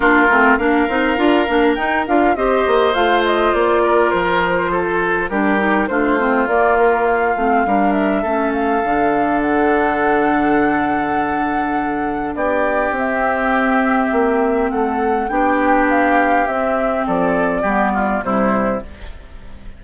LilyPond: <<
  \new Staff \with { instrumentName = "flute" } { \time 4/4 \tempo 4 = 102 ais'4 f''2 g''8 f''8 | dis''4 f''8 dis''8 d''4 c''4~ | c''4 ais'4 c''4 d''8 ais'8 | f''4. e''4 f''4. |
fis''1~ | fis''4 d''4 e''2~ | e''4 fis''4 g''4 f''4 | e''4 d''2 c''4 | }
  \new Staff \with { instrumentName = "oboe" } { \time 4/4 f'4 ais'2. | c''2~ c''8 ais'4. | a'4 g'4 f'2~ | f'4 ais'4 a'2~ |
a'1~ | a'4 g'2.~ | g'4 a'4 g'2~ | g'4 a'4 g'8 f'8 e'4 | }
  \new Staff \with { instrumentName = "clarinet" } { \time 4/4 d'8 c'8 d'8 dis'8 f'8 d'8 dis'8 f'8 | g'4 f'2.~ | f'4 d'8 dis'8 d'8 c'8 ais4~ | ais8 c'8 d'4 cis'4 d'4~ |
d'1~ | d'2 c'2~ | c'2 d'2 | c'2 b4 g4 | }
  \new Staff \with { instrumentName = "bassoon" } { \time 4/4 ais8 a8 ais8 c'8 d'8 ais8 dis'8 d'8 | c'8 ais8 a4 ais4 f4~ | f4 g4 a4 ais4~ | ais8 a8 g4 a4 d4~ |
d1~ | d4 b4 c'2 | ais4 a4 b2 | c'4 f4 g4 c4 | }
>>